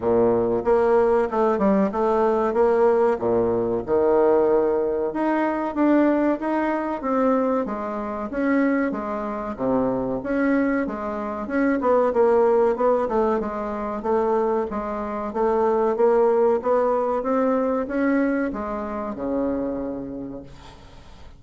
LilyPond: \new Staff \with { instrumentName = "bassoon" } { \time 4/4 \tempo 4 = 94 ais,4 ais4 a8 g8 a4 | ais4 ais,4 dis2 | dis'4 d'4 dis'4 c'4 | gis4 cis'4 gis4 c4 |
cis'4 gis4 cis'8 b8 ais4 | b8 a8 gis4 a4 gis4 | a4 ais4 b4 c'4 | cis'4 gis4 cis2 | }